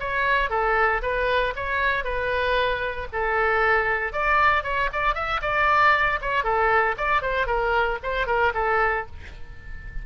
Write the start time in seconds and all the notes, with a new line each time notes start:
0.00 C#5
0.50 A4
1.02 B4
1.56 C#5
2.04 B4
3.13 A4
4.13 D5
4.64 C#5
4.93 D5
5.15 E5
5.42 D5
6.22 C#5
6.44 A4
6.98 D5
7.22 C5
7.47 A#4
8.03 C5
8.27 A#4
8.54 A4